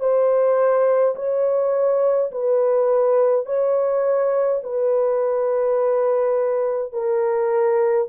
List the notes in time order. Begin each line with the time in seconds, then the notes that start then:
0.00 C5
1.16 C#5
2.31 B4
3.46 C#5
4.64 B4
6.93 A#4